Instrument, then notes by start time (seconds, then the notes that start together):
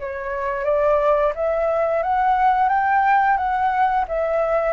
flute
0.00 C#5
0.65 D5
1.36 E5
2.03 F#5
2.69 G5
3.37 F#5
4.08 E5